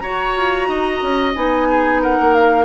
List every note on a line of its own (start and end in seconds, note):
0.00 0.36 F#4
0.00 1.35 F#4
0.00 0.69 C#5
0.00 1.32 A#5
0.36 0.68 F4
0.68 1.01 D#4
0.68 1.68 D#5
1.02 1.35 C#4
1.35 2.19 B3
1.35 2.65 D#4
1.35 2.02 G#5
1.70 2.02 G#4
2.02 2.65 A#4
2.02 2.34 F#5
2.20 2.65 A#3
2.34 2.65 F5